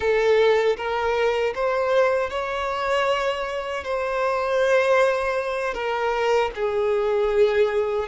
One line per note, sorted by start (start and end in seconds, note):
0.00 0.76 A4
0.77 1.53 A#4
1.54 2.30 C5
2.30 3.84 C#5
3.84 5.73 C5
5.73 6.50 A#4
6.55 8.08 G#4